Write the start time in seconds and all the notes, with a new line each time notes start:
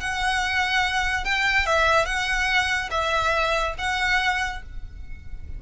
0.00 F#5
1.24 G5
1.66 E5
2.05 F#5
2.90 E5
3.78 F#5